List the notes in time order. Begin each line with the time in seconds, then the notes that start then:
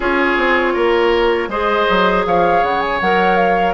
0.00 C#4 F4 G#4 C#5
0.37 C4
0.73 A#3 A#4
1.48 G#3 G#4 C5 D#5
1.89 F#3
2.26 F3 C#5 F5
2.62 C#3 F#5
2.80 G#5
3.00 F#3 A#4 F#5
3.36 F5